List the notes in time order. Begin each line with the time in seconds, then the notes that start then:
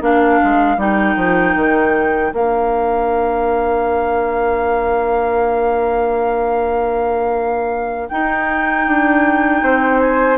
0.00 A#3 D4 A#4 F5
0.43 G#3
0.77 G3 D#4 G5
1.16 F3
1.55 D#3
2.31 A#3 D4 F5
8.08 D#4 G5
8.87 D4
9.62 C4 C5
9.99 G#5